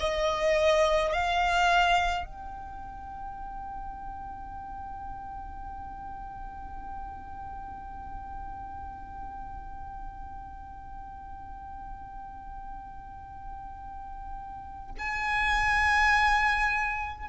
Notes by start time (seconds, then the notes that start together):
0.00 D#5
1.13 F5
2.26 G5
14.98 G#5